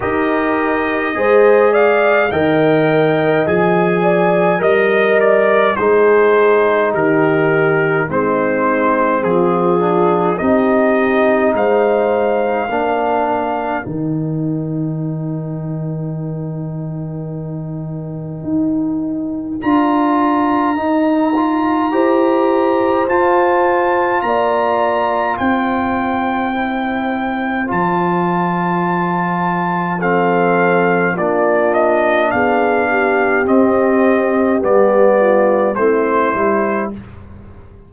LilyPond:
<<
  \new Staff \with { instrumentName = "trumpet" } { \time 4/4 \tempo 4 = 52 dis''4. f''8 g''4 gis''4 | dis''8 d''8 c''4 ais'4 c''4 | gis'4 dis''4 f''2 | g''1~ |
g''4 ais''2. | a''4 ais''4 g''2 | a''2 f''4 d''8 dis''8 | f''4 dis''4 d''4 c''4 | }
  \new Staff \with { instrumentName = "horn" } { \time 4/4 ais'4 c''8 d''8 dis''4. d''8 | dis''4 gis'4 g'4 dis'4 | f'4 g'4 c''4 ais'4~ | ais'1~ |
ais'2. c''4~ | c''4 d''4 c''2~ | c''2 a'4 f'4 | gis'8 g'2 f'8 e'4 | }
  \new Staff \with { instrumentName = "trombone" } { \time 4/4 g'4 gis'4 ais'4 gis'4 | ais'4 dis'2 c'4~ | c'8 d'8 dis'2 d'4 | dis'1~ |
dis'4 f'4 dis'8 f'8 g'4 | f'2. e'4 | f'2 c'4 d'4~ | d'4 c'4 b4 c'8 e'8 | }
  \new Staff \with { instrumentName = "tuba" } { \time 4/4 dis'4 gis4 dis4 f4 | g4 gis4 dis4 gis4 | f4 c'4 gis4 ais4 | dis1 |
dis'4 d'4 dis'4 e'4 | f'4 ais4 c'2 | f2. ais4 | b4 c'4 g4 a8 g8 | }
>>